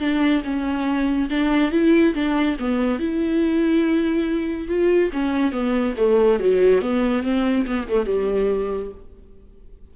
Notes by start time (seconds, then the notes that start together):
0.00 D4
0.44 C#4
1.30 D4
1.72 E4
2.15 D4
2.59 B3
3.00 E4
4.68 F4
5.13 C#4
5.52 B3
5.97 A3
6.40 F#3
6.82 B3
7.23 C4
7.67 B3
7.89 A3
8.06 G3